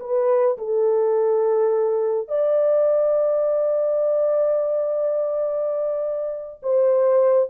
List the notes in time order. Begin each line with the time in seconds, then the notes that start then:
0.00 B4
0.58 A4
2.28 D5
6.63 C5